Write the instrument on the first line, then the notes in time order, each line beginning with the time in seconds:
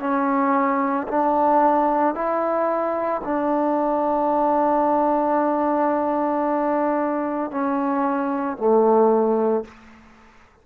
trombone
0.00 C#4
1.08 D4
2.15 E4
3.24 D4
7.51 C#4
8.58 A3